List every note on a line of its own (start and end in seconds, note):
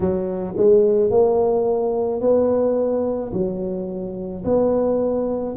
0.00 0.54 F#3
0.56 1.10 G#3
1.10 2.20 A#3
2.20 3.31 B3
3.32 4.43 F#3
4.44 5.55 B3